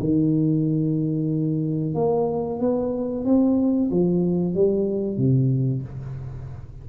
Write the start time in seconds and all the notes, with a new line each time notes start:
0.00 D#3
1.95 A#3
2.60 B3
3.25 C4
3.91 F3
4.55 G3
5.17 C3